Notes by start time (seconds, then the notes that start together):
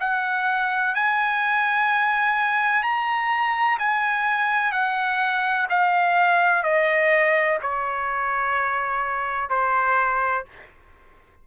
0.00 F#5
0.95 G#5
2.83 A#5
3.79 G#5
4.72 F#5
5.70 F5
6.63 D#5
7.62 C#5
9.50 C5